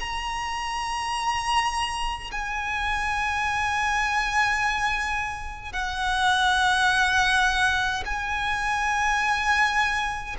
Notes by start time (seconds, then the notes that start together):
0.00 A#5
2.32 G#5
5.73 F#5
8.06 G#5